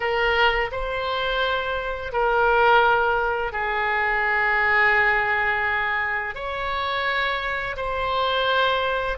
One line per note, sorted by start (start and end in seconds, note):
0.00 0.70 A#4
0.71 2.12 C5
2.12 3.52 A#4
3.52 6.34 G#4
6.34 7.76 C#5
7.76 9.17 C5